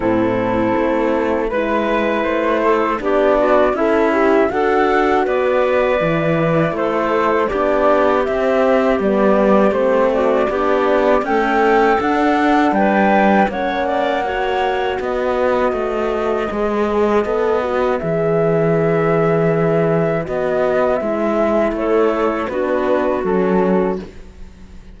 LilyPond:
<<
  \new Staff \with { instrumentName = "flute" } { \time 4/4 \tempo 4 = 80 a'2 b'4 c''4 | d''4 e''4 fis''4 d''4~ | d''4 c''4 d''4 e''4 | d''4 c''8 d''4. g''4 |
fis''4 g''4 fis''2 | dis''1 | e''2. dis''4 | e''4 cis''4 b'4 a'4 | }
  \new Staff \with { instrumentName = "clarinet" } { \time 4/4 e'2 b'4. a'8 | g'8 fis'8 e'4 a'4 b'4~ | b'4 a'4 g'2~ | g'4. fis'8 g'4 a'4~ |
a'4 b'4 cis''8 d''8 cis''4 | b'1~ | b'1~ | b'4 a'4 fis'2 | }
  \new Staff \with { instrumentName = "horn" } { \time 4/4 c'2 e'2 | d'4 a'8 g'8 fis'2 | e'2 d'4 c'4 | b4 c'4 d'4 a4 |
d'2 cis'4 fis'4~ | fis'2 gis'4 a'8 fis'8 | gis'2. fis'4 | e'2 d'4 cis'4 | }
  \new Staff \with { instrumentName = "cello" } { \time 4/4 a,4 a4 gis4 a4 | b4 cis'4 d'4 b4 | e4 a4 b4 c'4 | g4 a4 b4 cis'4 |
d'4 g4 ais2 | b4 a4 gis4 b4 | e2. b4 | gis4 a4 b4 fis4 | }
>>